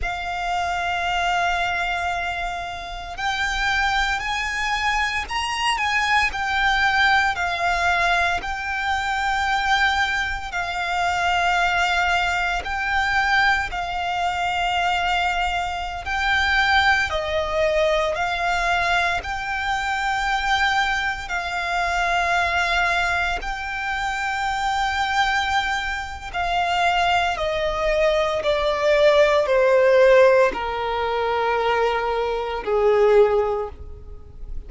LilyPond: \new Staff \with { instrumentName = "violin" } { \time 4/4 \tempo 4 = 57 f''2. g''4 | gis''4 ais''8 gis''8 g''4 f''4 | g''2 f''2 | g''4 f''2~ f''16 g''8.~ |
g''16 dis''4 f''4 g''4.~ g''16~ | g''16 f''2 g''4.~ g''16~ | g''4 f''4 dis''4 d''4 | c''4 ais'2 gis'4 | }